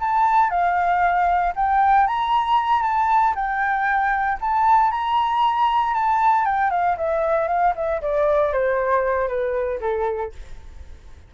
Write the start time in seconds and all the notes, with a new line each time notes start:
0.00 A5
0.50 F5
1.55 G5
2.07 A#5
2.82 A5
3.35 G5
4.41 A5
4.91 A#5
5.94 A5
6.45 G5
6.70 F5
6.97 E5
7.47 F5
7.75 E5
8.01 D5
8.53 C5
9.28 B4
9.80 A4